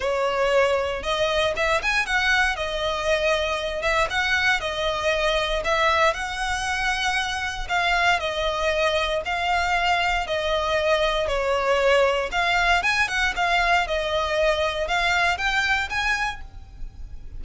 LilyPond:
\new Staff \with { instrumentName = "violin" } { \time 4/4 \tempo 4 = 117 cis''2 dis''4 e''8 gis''8 | fis''4 dis''2~ dis''8 e''8 | fis''4 dis''2 e''4 | fis''2. f''4 |
dis''2 f''2 | dis''2 cis''2 | f''4 gis''8 fis''8 f''4 dis''4~ | dis''4 f''4 g''4 gis''4 | }